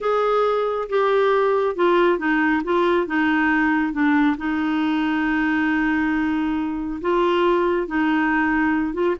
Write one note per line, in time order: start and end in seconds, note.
0.00 0.88 G#4
0.89 1.75 G4
1.75 2.18 F4
2.18 2.62 D#4
2.63 3.07 F4
3.07 3.92 D#4
3.92 4.36 D4
4.37 7.00 D#4
7.01 7.87 F4
7.87 8.93 D#4
8.93 9.15 F4